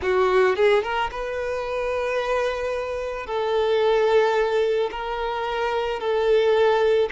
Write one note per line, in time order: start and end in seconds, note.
0.01 0.56 F#4
0.56 0.82 G#4
0.82 1.10 A#4
1.11 3.26 B4
3.26 4.90 A4
4.91 6.00 A#4
6.00 7.09 A4